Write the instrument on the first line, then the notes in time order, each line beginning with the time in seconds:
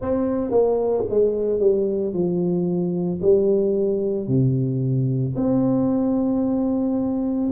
tuba
0.00 C4
0.50 A#3
1.10 G#3
1.59 G3
2.13 F3
3.21 G3
4.27 C3
5.36 C4